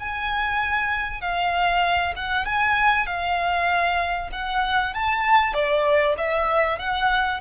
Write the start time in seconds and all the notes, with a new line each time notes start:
0.00 G#5
1.21 F5
2.16 F#5
2.46 G#5
3.07 F5
4.32 F#5
4.94 A5
5.54 D5
6.18 E5
6.79 F#5